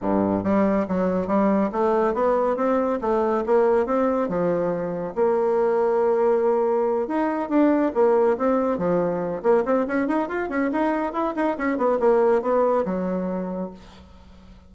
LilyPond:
\new Staff \with { instrumentName = "bassoon" } { \time 4/4 \tempo 4 = 140 g,4 g4 fis4 g4 | a4 b4 c'4 a4 | ais4 c'4 f2 | ais1~ |
ais8 dis'4 d'4 ais4 c'8~ | c'8 f4. ais8 c'8 cis'8 dis'8 | f'8 cis'8 dis'4 e'8 dis'8 cis'8 b8 | ais4 b4 fis2 | }